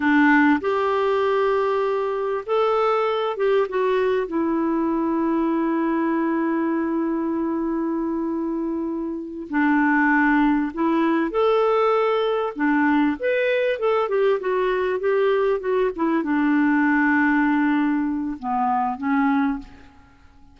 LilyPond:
\new Staff \with { instrumentName = "clarinet" } { \time 4/4 \tempo 4 = 98 d'4 g'2. | a'4. g'8 fis'4 e'4~ | e'1~ | e'2.~ e'8 d'8~ |
d'4. e'4 a'4.~ | a'8 d'4 b'4 a'8 g'8 fis'8~ | fis'8 g'4 fis'8 e'8 d'4.~ | d'2 b4 cis'4 | }